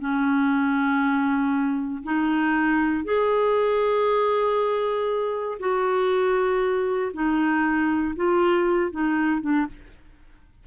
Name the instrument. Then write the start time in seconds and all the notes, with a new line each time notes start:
clarinet
0.00 C#4
2.04 D#4
3.05 G#4
5.60 F#4
7.14 D#4
8.16 F4
8.92 D#4
9.42 D4